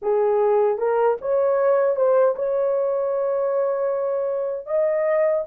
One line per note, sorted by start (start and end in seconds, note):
0.02 0.78 G#4
0.78 1.17 A#4
1.21 1.96 C#5
1.96 2.34 C5
2.36 4.66 C#5
4.66 5.44 D#5